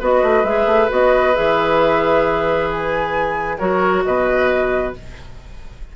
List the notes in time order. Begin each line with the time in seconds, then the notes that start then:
0.00 B3 F#4 B4 D#5
0.23 A3
0.44 G#3 G#4 E5
0.67 A3
0.89 B3 F#4 D#5
1.35 E3 G#4 E5
2.71 G#5
3.59 F#3 F#4 A#4 C#5
4.05 B2 B4 D#5